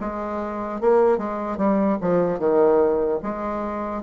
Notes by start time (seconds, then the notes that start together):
0.00 G#3
0.80 A#3
1.18 G#3
1.57 G3
2.01 F3
2.39 D#3
3.22 G#3